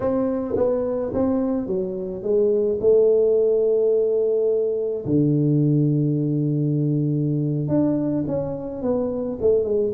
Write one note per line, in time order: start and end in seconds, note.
0.00 0.55 C4
0.56 1.12 B3
1.13 1.66 C4
1.66 2.22 F#3
2.22 2.78 G#3
2.80 5.04 A3
5.05 7.68 D3
7.68 8.24 D4
8.27 8.82 C#4
8.82 9.38 B3
9.41 9.64 A3
9.64 9.92 G#3